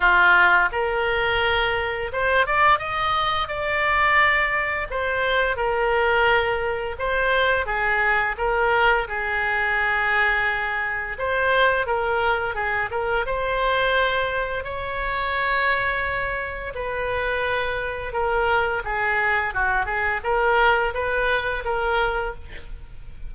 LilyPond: \new Staff \with { instrumentName = "oboe" } { \time 4/4 \tempo 4 = 86 f'4 ais'2 c''8 d''8 | dis''4 d''2 c''4 | ais'2 c''4 gis'4 | ais'4 gis'2. |
c''4 ais'4 gis'8 ais'8 c''4~ | c''4 cis''2. | b'2 ais'4 gis'4 | fis'8 gis'8 ais'4 b'4 ais'4 | }